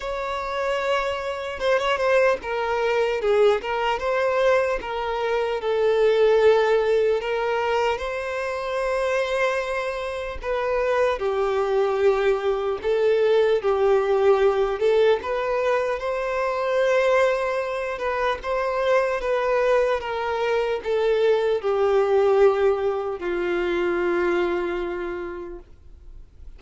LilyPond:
\new Staff \with { instrumentName = "violin" } { \time 4/4 \tempo 4 = 75 cis''2 c''16 cis''16 c''8 ais'4 | gis'8 ais'8 c''4 ais'4 a'4~ | a'4 ais'4 c''2~ | c''4 b'4 g'2 |
a'4 g'4. a'8 b'4 | c''2~ c''8 b'8 c''4 | b'4 ais'4 a'4 g'4~ | g'4 f'2. | }